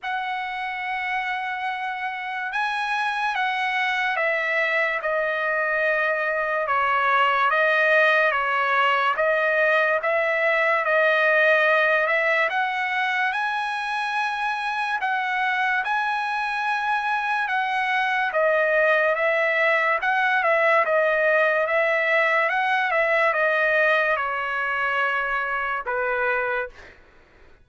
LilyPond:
\new Staff \with { instrumentName = "trumpet" } { \time 4/4 \tempo 4 = 72 fis''2. gis''4 | fis''4 e''4 dis''2 | cis''4 dis''4 cis''4 dis''4 | e''4 dis''4. e''8 fis''4 |
gis''2 fis''4 gis''4~ | gis''4 fis''4 dis''4 e''4 | fis''8 e''8 dis''4 e''4 fis''8 e''8 | dis''4 cis''2 b'4 | }